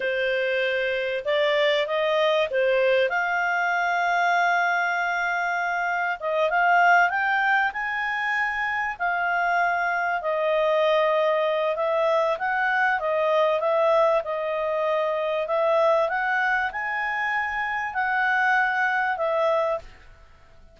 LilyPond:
\new Staff \with { instrumentName = "clarinet" } { \time 4/4 \tempo 4 = 97 c''2 d''4 dis''4 | c''4 f''2.~ | f''2 dis''8 f''4 g''8~ | g''8 gis''2 f''4.~ |
f''8 dis''2~ dis''8 e''4 | fis''4 dis''4 e''4 dis''4~ | dis''4 e''4 fis''4 gis''4~ | gis''4 fis''2 e''4 | }